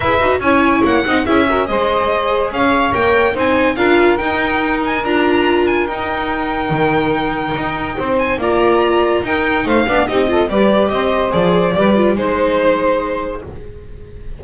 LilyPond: <<
  \new Staff \with { instrumentName = "violin" } { \time 4/4 \tempo 4 = 143 e''4 gis''4 fis''4 e''4 | dis''2 f''4 g''4 | gis''4 f''4 g''4. gis''8 | ais''4. gis''8 g''2~ |
g''2.~ g''8 gis''8 | ais''2 g''4 f''4 | dis''4 d''4 dis''4 d''4~ | d''4 c''2. | }
  \new Staff \with { instrumentName = "saxophone" } { \time 4/4 b'4 cis''4. dis''8 gis'8 ais'8 | c''2 cis''2 | c''4 ais'2.~ | ais'1~ |
ais'2. c''4 | d''2 ais'4 c''8 d''8 | g'8 a'8 b'4 c''2 | b'4 c''2. | }
  \new Staff \with { instrumentName = "viola" } { \time 4/4 gis'8 fis'8 e'4. dis'8 e'8 fis'8 | gis'2. ais'4 | dis'4 f'4 dis'2 | f'2 dis'2~ |
dis'1 | f'2 dis'4. d'8 | dis'8 f'8 g'2 gis'4 | g'8 f'8 dis'2. | }
  \new Staff \with { instrumentName = "double bass" } { \time 4/4 e'8 dis'8 cis'4 ais8 c'8 cis'4 | gis2 cis'4 ais4 | c'4 d'4 dis'2 | d'2 dis'2 |
dis2 dis'4 c'4 | ais2 dis'4 a8 b8 | c'4 g4 c'4 f4 | g4 gis2. | }
>>